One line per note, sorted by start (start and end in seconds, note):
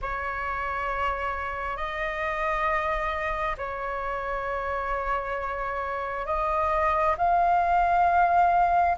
0.01 1.76 C#5
1.76 3.55 D#5
3.57 6.26 C#5
6.26 7.15 D#5
7.17 8.96 F5